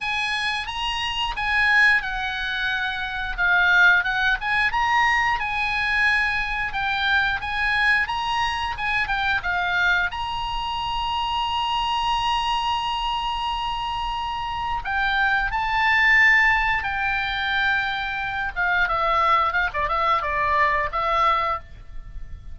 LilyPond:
\new Staff \with { instrumentName = "oboe" } { \time 4/4 \tempo 4 = 89 gis''4 ais''4 gis''4 fis''4~ | fis''4 f''4 fis''8 gis''8 ais''4 | gis''2 g''4 gis''4 | ais''4 gis''8 g''8 f''4 ais''4~ |
ais''1~ | ais''2 g''4 a''4~ | a''4 g''2~ g''8 f''8 | e''4 f''16 d''16 e''8 d''4 e''4 | }